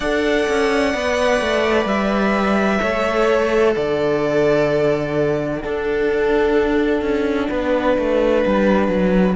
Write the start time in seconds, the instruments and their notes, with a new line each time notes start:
0.00 cello D4, viola A4, violin D5 F#5
0.48 cello C#4
0.93 cello B3, viola B4
1.40 cello A3
1.85 cello G3, violin E5
2.79 cello A3, viola A4, violin C#5
3.74 cello D3, violin D5 F#5
5.61 viola D4, cello D4, violin A4
7.01 cello C#4
7.49 cello B3, violin B4
7.98 cello A3
8.46 cello G3
8.88 cello F#3